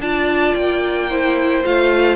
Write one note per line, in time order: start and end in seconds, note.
0.00 0.55 D4
0.00 1.11 F4
0.00 1.10 D5
0.00 0.55 A5
0.55 1.64 A#3
0.55 1.64 G5
1.10 1.64 E4
1.10 2.17 C5
1.64 2.17 A3
1.64 2.17 F4
1.64 2.17 F5